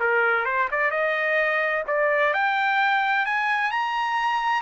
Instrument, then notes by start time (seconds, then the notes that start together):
trumpet
0.00 A#4
0.45 C5
0.71 D5
0.91 D#5
1.87 D5
2.34 G5
3.26 G#5
3.71 A#5